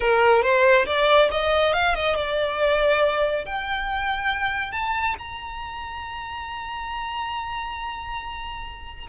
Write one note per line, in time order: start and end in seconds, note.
0.00 0.42 A#4
0.42 0.85 C5
0.86 1.29 D5
1.31 1.73 D#5
1.73 1.94 F5
1.94 2.15 D#5
2.15 3.45 D5
3.45 4.72 G5
4.72 5.15 A5
5.18 9.06 A#5